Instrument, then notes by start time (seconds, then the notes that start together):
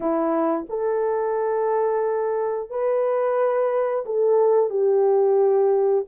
horn
0.00 E4
0.69 A4
2.70 B4
4.05 A4
4.69 G4